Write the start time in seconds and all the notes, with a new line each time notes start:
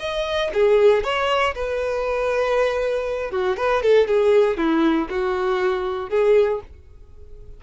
0.00 D#5
0.54 G#4
1.04 C#5
1.55 B4
3.31 F#4
3.57 B4
3.83 A4
4.08 G#4
4.58 E4
5.10 F#4
6.10 G#4